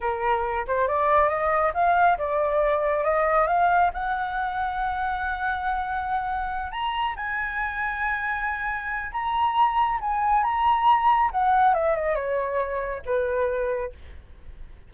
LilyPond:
\new Staff \with { instrumentName = "flute" } { \time 4/4 \tempo 4 = 138 ais'4. c''8 d''4 dis''4 | f''4 d''2 dis''4 | f''4 fis''2.~ | fis''2.~ fis''8 ais''8~ |
ais''8 gis''2.~ gis''8~ | gis''4 ais''2 gis''4 | ais''2 fis''4 e''8 dis''8 | cis''2 b'2 | }